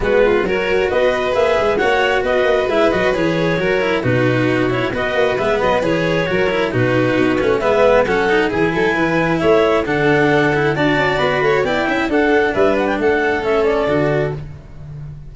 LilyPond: <<
  \new Staff \with { instrumentName = "clarinet" } { \time 4/4 \tempo 4 = 134 b'4 cis''4 dis''4 e''4 | fis''4 dis''4 e''8 dis''8 cis''4~ | cis''4 b'4. cis''8 dis''4 | e''8 dis''8 cis''2 b'4~ |
b'4 e''4 fis''4 gis''4~ | gis''4 e''4 fis''2 | a''4 b''4 g''4 fis''4 | e''8 fis''16 g''16 fis''4 e''8 d''4. | }
  \new Staff \with { instrumentName = "violin" } { \time 4/4 fis'8 f'8 ais'4 b'2 | cis''4 b'2. | ais'4 fis'2 b'4~ | b'2 ais'4 fis'4~ |
fis'4 b'4 a'4 gis'8 a'8 | b'4 cis''4 a'2 | d''4. cis''8 d''8 e''8 a'4 | b'4 a'2. | }
  \new Staff \with { instrumentName = "cello" } { \time 4/4 b4 fis'2 gis'4 | fis'2 e'8 fis'8 gis'4 | fis'8 e'8 dis'4. e'8 fis'4 | b4 gis'4 fis'8 e'8 dis'4~ |
dis'8 cis'8 b4 cis'8 dis'8 e'4~ | e'2 d'4. e'8 | fis'2 e'4 d'4~ | d'2 cis'4 fis'4 | }
  \new Staff \with { instrumentName = "tuba" } { \time 4/4 gis4 fis4 b4 ais8 gis8 | ais4 b8 ais8 gis8 fis8 e4 | fis4 b,2 b8 ais8 | gis8 fis8 e4 fis4 b,4 |
b8 a8 gis4 fis4 e8 fis8 | e4 a4 d2 | d'8 cis'8 b8 a8 b8 cis'8 d'4 | g4 a2 d4 | }
>>